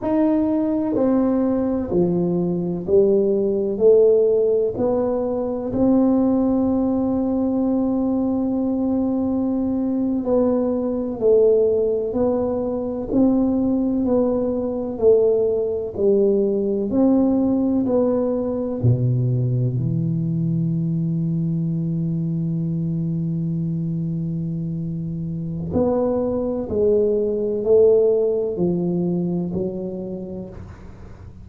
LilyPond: \new Staff \with { instrumentName = "tuba" } { \time 4/4 \tempo 4 = 63 dis'4 c'4 f4 g4 | a4 b4 c'2~ | c'2~ c'8. b4 a16~ | a8. b4 c'4 b4 a16~ |
a8. g4 c'4 b4 b,16~ | b,8. e2.~ e16~ | e2. b4 | gis4 a4 f4 fis4 | }